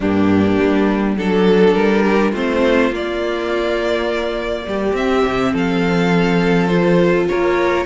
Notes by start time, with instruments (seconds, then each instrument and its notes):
0.00 cello G2, viola A#3, violin D4 G4
0.59 cello G3
1.16 cello F#3, viola D4, violin A4
1.74 cello G3, violin A#4
2.04 violin G4
2.31 cello A3, viola C4, violin F4 C5
2.91 cello A#3, viola A#3, violin D5
4.67 cello G3, violin G4
4.92 cello C4, viola C4, violin E5
5.25 cello C3
5.52 cello F3, violin A4 F5
6.67 viola F4, violin C5
7.28 cello A#3, violin A#4 C#5